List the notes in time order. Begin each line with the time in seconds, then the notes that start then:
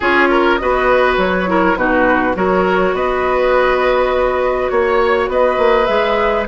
0.00 C#4 F4 G#4 C#5
0.30 A#4
0.57 B3 F#4 B4 D#5
1.17 F#3 C#5
1.46 E4 A#4
1.76 B2 D#4 F#4 B4
2.34 F#3 F#4 A#4 C#5
2.93 B3 B4 D#5
4.69 A#3 C#5
5.28 B3 B4 D#5
5.58 A#3
5.85 G#3 G#4 E5